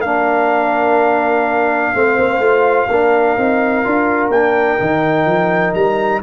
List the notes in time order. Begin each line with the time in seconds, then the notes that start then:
0.00 A#3 D4 A#4 F5
1.94 A3 C4 C5
2.18 A#3
2.38 A3 F4
2.88 A#3 D4 A#4
3.37 C4 D#4
3.84 D4 F4
4.29 A#3 D4 G5
4.79 D#3 D#4
5.25 F3
5.74 G3 A#5